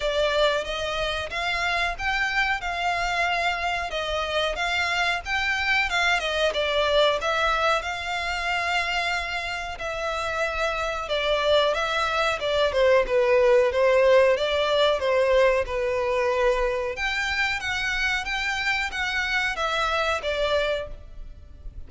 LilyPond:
\new Staff \with { instrumentName = "violin" } { \time 4/4 \tempo 4 = 92 d''4 dis''4 f''4 g''4 | f''2 dis''4 f''4 | g''4 f''8 dis''8 d''4 e''4 | f''2. e''4~ |
e''4 d''4 e''4 d''8 c''8 | b'4 c''4 d''4 c''4 | b'2 g''4 fis''4 | g''4 fis''4 e''4 d''4 | }